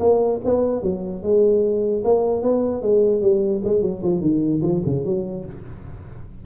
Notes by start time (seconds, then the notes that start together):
0.00 A#3
0.45 B3
0.83 F#3
1.23 G#3
2.05 A#3
2.43 B3
2.82 G#3
3.22 G3
3.64 G#3
3.82 F#3
4.03 F3
4.21 D#3
4.63 F3
4.86 C#3
5.05 F#3